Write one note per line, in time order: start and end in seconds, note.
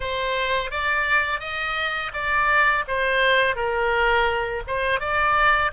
0.00 0.70 C5
0.70 1.40 D5
1.40 2.11 D#5
2.13 2.84 D5
2.87 3.55 C5
3.55 4.62 A#4
4.67 4.99 C5
4.99 5.71 D5